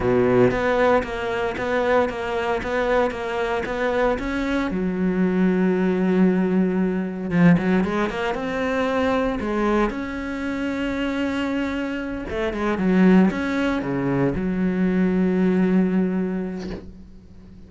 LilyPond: \new Staff \with { instrumentName = "cello" } { \time 4/4 \tempo 4 = 115 b,4 b4 ais4 b4 | ais4 b4 ais4 b4 | cis'4 fis2.~ | fis2 f8 fis8 gis8 ais8 |
c'2 gis4 cis'4~ | cis'2.~ cis'8 a8 | gis8 fis4 cis'4 cis4 fis8~ | fis1 | }